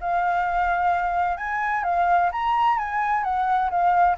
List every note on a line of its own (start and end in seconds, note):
0.00 1.37 F5
1.37 1.84 G#5
1.84 2.30 F5
2.32 2.78 A#5
2.78 3.23 G#5
3.23 3.70 F#5
3.70 4.17 F5